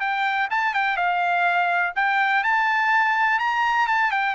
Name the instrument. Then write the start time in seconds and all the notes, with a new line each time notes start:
trumpet
0.00 G5
0.50 A5
0.74 G5
0.97 F5
1.95 G5
2.43 A5
3.39 A#5
3.87 A5
4.11 G5